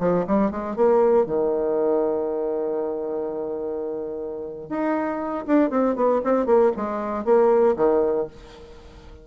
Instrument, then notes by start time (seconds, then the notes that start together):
bassoon
0.00 F3
0.27 G3
0.51 G#3
0.77 A#3
1.26 D#3
4.69 D#4
5.47 D4
5.70 C4
5.96 B3
6.24 C4
6.46 A#3
6.77 G#3
7.25 A#3
7.77 D#3